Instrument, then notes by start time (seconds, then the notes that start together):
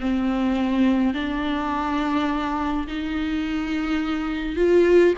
viola
0.00 C4
1.14 D4
2.87 D#4
4.56 F4